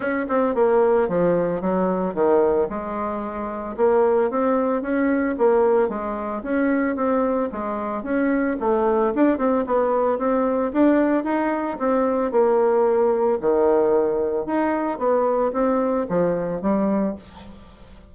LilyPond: \new Staff \with { instrumentName = "bassoon" } { \time 4/4 \tempo 4 = 112 cis'8 c'8 ais4 f4 fis4 | dis4 gis2 ais4 | c'4 cis'4 ais4 gis4 | cis'4 c'4 gis4 cis'4 |
a4 d'8 c'8 b4 c'4 | d'4 dis'4 c'4 ais4~ | ais4 dis2 dis'4 | b4 c'4 f4 g4 | }